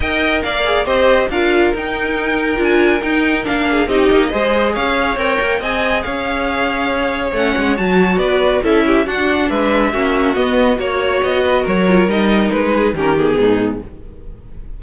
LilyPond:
<<
  \new Staff \with { instrumentName = "violin" } { \time 4/4 \tempo 4 = 139 g''4 f''4 dis''4 f''4 | g''2 gis''4 g''4 | f''4 dis''2 f''4 | g''4 gis''4 f''2~ |
f''4 fis''4 a''4 d''4 | e''4 fis''4 e''2 | dis''4 cis''4 dis''4 cis''4 | dis''4 b'4 ais'8 gis'4. | }
  \new Staff \with { instrumentName = "violin" } { \time 4/4 dis''4 d''4 c''4 ais'4~ | ais'1~ | ais'8 gis'8 g'4 c''4 cis''4~ | cis''4 dis''4 cis''2~ |
cis''2. b'4 | a'8 g'8 fis'4 b'4 fis'4~ | fis'4 cis''4. b'8 ais'4~ | ais'4. gis'8 g'4 dis'4 | }
  \new Staff \with { instrumentName = "viola" } { \time 4/4 ais'4. gis'8 g'4 f'4 | dis'2 f'4 dis'4 | d'4 dis'4 gis'2 | ais'4 gis'2.~ |
gis'4 cis'4 fis'2 | e'4 d'2 cis'4 | b4 fis'2~ fis'8 f'8 | dis'2 cis'8 b4. | }
  \new Staff \with { instrumentName = "cello" } { \time 4/4 dis'4 ais4 c'4 d'4 | dis'2 d'4 dis'4 | ais4 c'8 ais8 gis4 cis'4 | c'8 ais8 c'4 cis'2~ |
cis'4 a8 gis8 fis4 b4 | cis'4 d'4 gis4 ais4 | b4 ais4 b4 fis4 | g4 gis4 dis4 gis,4 | }
>>